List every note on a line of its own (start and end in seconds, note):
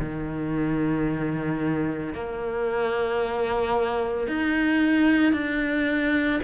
0.00 2.14 D#3
2.14 4.28 A#3
4.28 5.33 D#4
5.33 6.40 D4